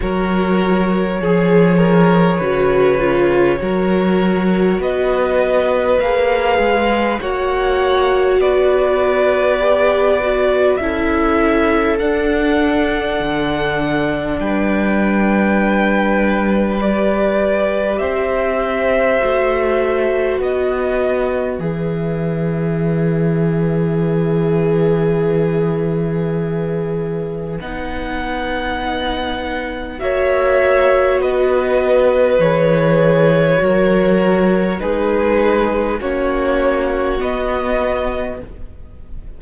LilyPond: <<
  \new Staff \with { instrumentName = "violin" } { \time 4/4 \tempo 4 = 50 cis''1 | dis''4 f''4 fis''4 d''4~ | d''4 e''4 fis''2 | g''2 d''4 e''4~ |
e''4 dis''4 e''2~ | e''2. fis''4~ | fis''4 e''4 dis''4 cis''4~ | cis''4 b'4 cis''4 dis''4 | }
  \new Staff \with { instrumentName = "violin" } { \time 4/4 ais'4 gis'8 ais'8 b'4 ais'4 | b'2 cis''4 b'4~ | b'4 a'2. | b'2. c''4~ |
c''4 b'2.~ | b'1~ | b'4 cis''4 b'2 | ais'4 gis'4 fis'2 | }
  \new Staff \with { instrumentName = "viola" } { \time 4/4 fis'4 gis'4 fis'8 f'8 fis'4~ | fis'4 gis'4 fis'2 | g'8 fis'8 e'4 d'2~ | d'2 g'2 |
fis'2 gis'2~ | gis'2. dis'4~ | dis'4 fis'2 gis'4 | fis'4 dis'4 cis'4 b4 | }
  \new Staff \with { instrumentName = "cello" } { \time 4/4 fis4 f4 cis4 fis4 | b4 ais8 gis8 ais4 b4~ | b4 cis'4 d'4 d4 | g2. c'4 |
a4 b4 e2~ | e2. b4~ | b4 ais4 b4 e4 | fis4 gis4 ais4 b4 | }
>>